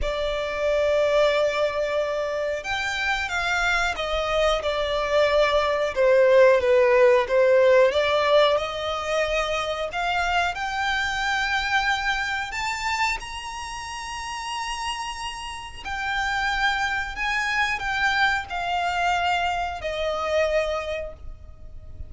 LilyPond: \new Staff \with { instrumentName = "violin" } { \time 4/4 \tempo 4 = 91 d''1 | g''4 f''4 dis''4 d''4~ | d''4 c''4 b'4 c''4 | d''4 dis''2 f''4 |
g''2. a''4 | ais''1 | g''2 gis''4 g''4 | f''2 dis''2 | }